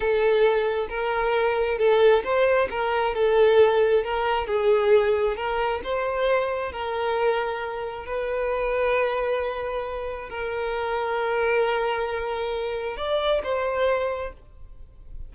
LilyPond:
\new Staff \with { instrumentName = "violin" } { \time 4/4 \tempo 4 = 134 a'2 ais'2 | a'4 c''4 ais'4 a'4~ | a'4 ais'4 gis'2 | ais'4 c''2 ais'4~ |
ais'2 b'2~ | b'2. ais'4~ | ais'1~ | ais'4 d''4 c''2 | }